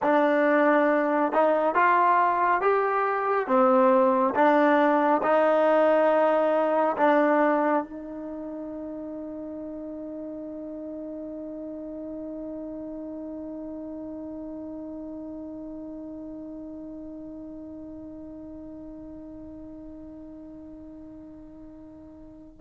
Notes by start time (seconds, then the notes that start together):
0.02 D4
1.32 D#4
1.74 F4
2.61 G4
3.47 C4
4.34 D4
5.22 D#4
6.97 D4
7.83 D#4